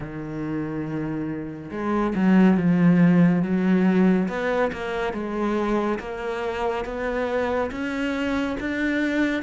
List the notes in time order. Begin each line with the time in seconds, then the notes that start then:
0.00 D#3
1.71 G#3
2.15 F#3
2.57 F3
3.42 F#3
4.28 B3
4.72 A#3
5.13 G#3
5.99 A#3
6.85 B3
7.71 C#4
8.59 D4